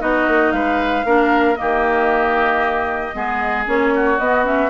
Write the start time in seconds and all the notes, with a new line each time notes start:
0.00 B3 D#4 F#4 D#5
0.28 A#3
0.52 G#3 B4 F5
1.05 A#3 D4 A#4
1.56 D#3 A#3 G4 D#5
3.14 G#3 B3 G#4
3.66 A#3 C#4 C#5
3.95 F#4
4.19 B3 D#5
4.44 C#4 E5